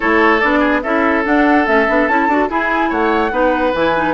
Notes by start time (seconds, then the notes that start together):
0.00 A3 E4 A4 C#5
0.40 B3 D4 D5
0.59 G#4
0.82 C#4 E4 A4 E5
1.25 D4 F#5
1.66 A3 C#4 E5
1.88 B3 D4
2.08 C#4 E4 A5
2.28 D4 F#4
2.49 E4 G#4 G#5
2.89 A3 C#5 F#5
3.31 B3 D#4 B4
3.74 E3 E4 G#5
3.95 D#4